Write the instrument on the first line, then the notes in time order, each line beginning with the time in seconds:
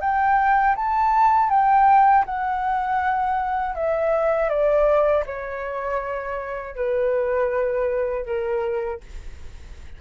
flute
0.00 G5
0.75 A5
1.49 G5
2.25 F#5
3.75 E5
4.49 D5
5.25 C#5
6.75 B4
8.25 A#4